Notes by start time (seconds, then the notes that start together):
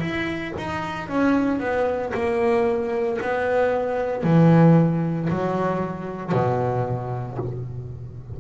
0.00 E4
0.57 D#4
1.08 C#4
1.60 B3
2.13 A#3
3.21 B3
4.23 E3
5.30 F#3
6.32 B2